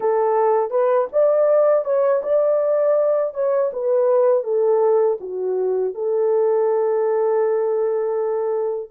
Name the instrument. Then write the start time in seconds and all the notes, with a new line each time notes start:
horn
0.00 A4
0.70 B4
1.12 D5
1.84 C#5
2.22 D5
3.33 C#5
3.72 B4
4.43 A4
5.20 F#4
5.94 A4